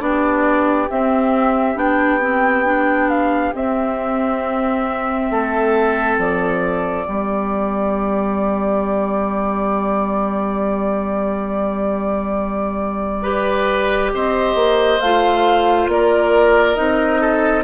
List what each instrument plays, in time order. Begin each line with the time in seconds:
0.00 bassoon B3, clarinet D4, oboe G4, flute D5
0.90 clarinet C4, bassoon C4, flute E5
1.75 bassoon B3, clarinet D4, flute G5
2.21 clarinet C4
2.65 clarinet D4
3.10 flute F5
3.55 bassoon C4, clarinet C4, flute E5
5.31 bassoon A3, oboe A4
6.18 bassoon F3, flute D5
7.06 bassoon G3, clarinet B3, oboe G4
13.23 clarinet G4, oboe B4
14.14 bassoon C4, oboe C5, flute D#5
14.55 bassoon A#3
15.00 bassoon A3, clarinet F4, flute F5
15.88 bassoon A#3, oboe A#4, flute D5
16.76 bassoon C4, clarinet D#4, flute D#5
17.21 oboe A4